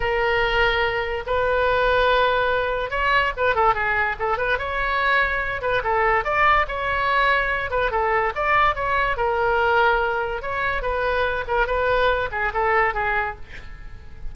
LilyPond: \new Staff \with { instrumentName = "oboe" } { \time 4/4 \tempo 4 = 144 ais'2. b'4~ | b'2. cis''4 | b'8 a'8 gis'4 a'8 b'8 cis''4~ | cis''4. b'8 a'4 d''4 |
cis''2~ cis''8 b'8 a'4 | d''4 cis''4 ais'2~ | ais'4 cis''4 b'4. ais'8 | b'4. gis'8 a'4 gis'4 | }